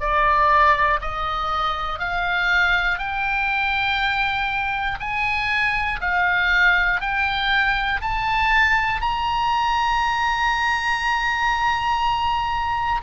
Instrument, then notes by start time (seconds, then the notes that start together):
oboe
0.00 D5
1.01 D#5
1.99 F5
2.99 G5
5.00 G#5
6.00 F5
7.01 G5
8.01 A5
9.01 A#5